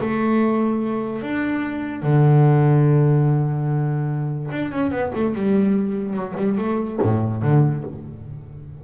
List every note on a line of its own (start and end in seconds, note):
0.00 1.22 A3
1.22 2.02 D4
2.02 4.50 D3
4.51 4.71 D4
4.71 4.91 C#4
4.91 5.12 B3
5.14 5.35 A3
5.35 6.13 G3
6.13 6.34 F#3
6.37 6.57 G3
6.57 6.99 A3
7.02 7.42 A2
7.42 7.84 D3